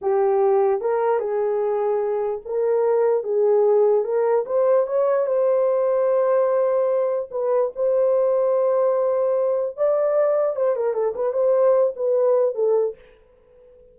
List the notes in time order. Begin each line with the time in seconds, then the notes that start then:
0.01 G4
0.81 A#4
1.19 G#4
2.45 A#4
3.23 G#4
4.04 A#4
4.46 C5
4.86 C#5
5.26 C5
7.31 B4
7.75 C5
9.76 D5
10.56 C5
10.75 A#4
10.93 A4
11.15 B4
11.33 C5
11.96 B4
12.54 A4